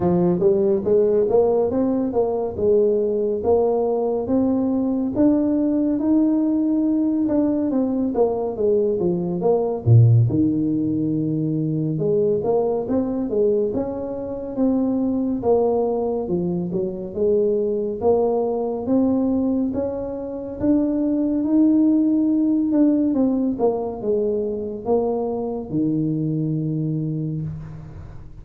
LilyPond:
\new Staff \with { instrumentName = "tuba" } { \time 4/4 \tempo 4 = 70 f8 g8 gis8 ais8 c'8 ais8 gis4 | ais4 c'4 d'4 dis'4~ | dis'8 d'8 c'8 ais8 gis8 f8 ais8 ais,8 | dis2 gis8 ais8 c'8 gis8 |
cis'4 c'4 ais4 f8 fis8 | gis4 ais4 c'4 cis'4 | d'4 dis'4. d'8 c'8 ais8 | gis4 ais4 dis2 | }